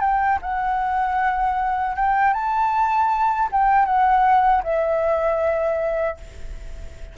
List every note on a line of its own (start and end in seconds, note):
0.00 0.38 G5
0.42 1.95 F#5
1.96 2.33 G5
2.33 3.49 A5
3.52 3.85 G5
3.85 4.62 F#5
4.63 6.17 E5